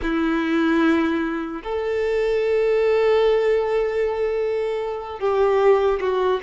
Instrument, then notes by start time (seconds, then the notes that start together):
violin
0.02 E4
1.63 A4
5.19 G4
6.00 F#4